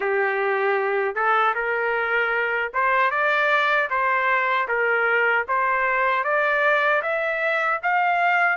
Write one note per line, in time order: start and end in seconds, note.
0.00 1.15 G4
1.15 1.54 A4
1.54 2.71 A#4
2.73 3.10 C5
3.10 3.88 D5
3.90 4.68 C5
4.68 5.45 A#4
5.48 6.24 C5
6.24 7.02 D5
7.02 7.80 E5
7.82 8.57 F5